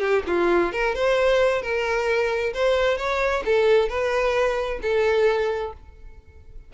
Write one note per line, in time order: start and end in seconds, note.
0.00 0.23 G4
0.26 0.72 F4
0.72 0.95 A#4
0.95 1.62 C5
1.62 2.53 A#4
2.53 2.97 C5
2.97 3.43 C#5
3.45 3.88 A4
3.88 4.79 B4
4.82 5.73 A4